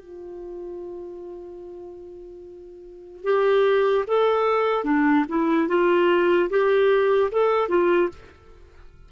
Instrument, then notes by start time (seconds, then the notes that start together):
clarinet
0.00 F4
3.24 G4
4.08 A4
4.85 D4
5.29 E4
5.69 F4
6.50 G4
7.32 A4
7.69 F4